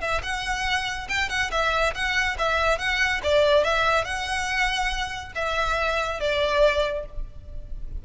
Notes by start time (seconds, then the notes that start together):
0.00 E5
0.22 F#5
1.08 G5
1.29 F#5
1.51 E5
1.94 F#5
2.38 E5
2.78 F#5
3.23 D5
3.64 E5
4.04 F#5
5.35 E5
6.20 D5